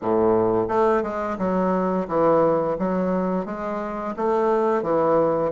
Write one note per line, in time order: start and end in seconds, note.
0.01 0.68 A2
0.68 1.02 A3
1.02 1.37 G#3
1.38 2.07 F#3
2.08 2.76 E3
2.78 3.45 F#3
3.45 4.14 G#3
4.16 4.82 A3
4.82 5.51 E3